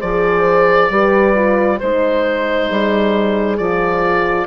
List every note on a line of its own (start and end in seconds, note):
0.00 0.90 F3
0.00 0.91 G#4
0.00 0.90 C5
0.00 1.80 D5
0.90 1.80 G3
0.90 1.35 G4
0.90 1.77 B4
1.35 1.80 F4
1.77 2.71 G#3
1.77 3.60 D#4
1.77 2.67 C5
1.77 3.57 C5
2.69 3.59 G3
2.69 4.46 G#4
3.57 4.46 F3
3.57 4.46 F4
3.57 4.46 D5